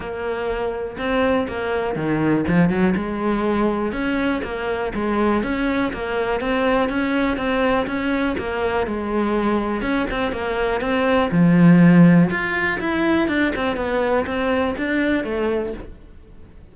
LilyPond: \new Staff \with { instrumentName = "cello" } { \time 4/4 \tempo 4 = 122 ais2 c'4 ais4 | dis4 f8 fis8 gis2 | cis'4 ais4 gis4 cis'4 | ais4 c'4 cis'4 c'4 |
cis'4 ais4 gis2 | cis'8 c'8 ais4 c'4 f4~ | f4 f'4 e'4 d'8 c'8 | b4 c'4 d'4 a4 | }